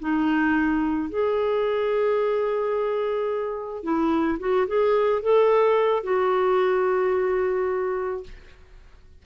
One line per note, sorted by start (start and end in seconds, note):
0.00 1.10 D#4
1.10 3.84 G#4
3.84 4.39 E4
4.40 4.67 F#4
4.68 5.23 G#4
5.23 6.04 A4
6.04 8.24 F#4